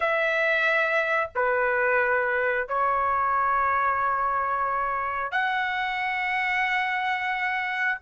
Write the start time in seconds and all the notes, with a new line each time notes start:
0.00 E5
1.35 B4
2.68 C#5
5.32 F#5